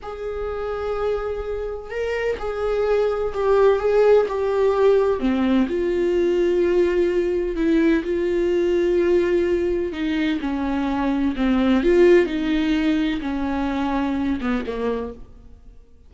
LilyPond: \new Staff \with { instrumentName = "viola" } { \time 4/4 \tempo 4 = 127 gis'1 | ais'4 gis'2 g'4 | gis'4 g'2 c'4 | f'1 |
e'4 f'2.~ | f'4 dis'4 cis'2 | c'4 f'4 dis'2 | cis'2~ cis'8 b8 ais4 | }